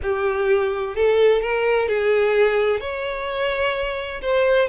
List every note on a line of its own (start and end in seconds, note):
0.02 0.95 G4
0.95 1.41 A4
1.41 1.88 A#4
1.88 2.80 G#4
2.80 4.21 C#5
4.21 4.68 C5